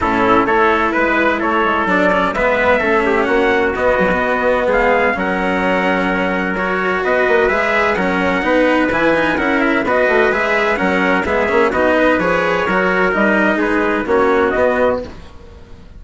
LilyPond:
<<
  \new Staff \with { instrumentName = "trumpet" } { \time 4/4 \tempo 4 = 128 a'4 cis''4 b'4 cis''4 | d''4 e''2 fis''4 | dis''2 f''4 fis''4~ | fis''2 cis''4 dis''4 |
e''4 fis''2 gis''4 | fis''8 e''8 dis''4 e''4 fis''4 | e''4 dis''4 cis''2 | dis''4 b'4 cis''4 dis''4 | }
  \new Staff \with { instrumentName = "trumpet" } { \time 4/4 e'4 a'4 b'4 a'4~ | a'4 b'4 a'8 g'8 fis'4~ | fis'2 gis'4 ais'4~ | ais'2. b'4~ |
b'4 ais'4 b'2 | ais'4 b'2 ais'4 | gis'4 fis'8 b'4. ais'4~ | ais'4 gis'4 fis'2 | }
  \new Staff \with { instrumentName = "cello" } { \time 4/4 cis'4 e'2. | d'8 cis'8 b4 cis'2 | b8 fis16 b2~ b16 cis'4~ | cis'2 fis'2 |
gis'4 cis'4 dis'4 e'8 dis'8 | e'4 fis'4 gis'4 cis'4 | b8 cis'8 dis'4 gis'4 fis'4 | dis'2 cis'4 b4 | }
  \new Staff \with { instrumentName = "bassoon" } { \time 4/4 a,4 a4 gis4 a8 gis8 | fis4 gis4 a4 ais4 | b2 gis4 fis4~ | fis2. b8 ais8 |
gis4 fis4 b4 e4 | cis'4 b8 a8 gis4 fis4 | gis8 ais8 b4 f4 fis4 | g4 gis4 ais4 b4 | }
>>